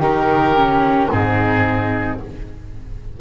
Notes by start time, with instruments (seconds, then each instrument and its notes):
0.00 double bass D#3, viola D#4, flute G4, oboe A#4
0.56 viola C#4
1.11 double bass G#2, viola C4, flute D#4, oboe G#4